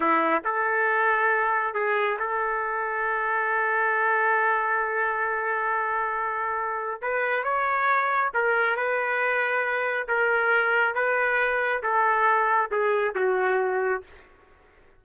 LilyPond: \new Staff \with { instrumentName = "trumpet" } { \time 4/4 \tempo 4 = 137 e'4 a'2. | gis'4 a'2.~ | a'1~ | a'1 |
b'4 cis''2 ais'4 | b'2. ais'4~ | ais'4 b'2 a'4~ | a'4 gis'4 fis'2 | }